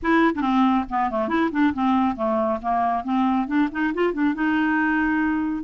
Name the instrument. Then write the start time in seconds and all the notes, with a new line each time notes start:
clarinet
0.02 E4
0.35 D4
0.41 C4
0.89 B3
1.10 A3
1.28 E4
1.51 D4
1.73 C4
2.16 A3
2.61 A#3
3.04 C4
3.47 D4
3.71 D#4
3.94 F4
4.13 D4
4.34 D#4